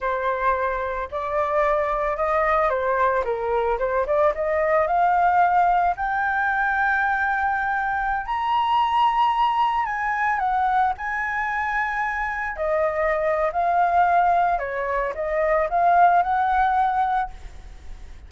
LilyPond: \new Staff \with { instrumentName = "flute" } { \time 4/4 \tempo 4 = 111 c''2 d''2 | dis''4 c''4 ais'4 c''8 d''8 | dis''4 f''2 g''4~ | g''2.~ g''16 ais''8.~ |
ais''2~ ais''16 gis''4 fis''8.~ | fis''16 gis''2. dis''8.~ | dis''4 f''2 cis''4 | dis''4 f''4 fis''2 | }